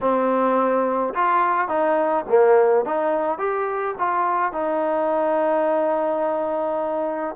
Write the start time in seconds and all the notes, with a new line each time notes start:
0.01 C4
1.14 F4
1.68 D#4
2.28 A#3
2.85 D#4
3.38 G4
3.98 F4
4.52 D#4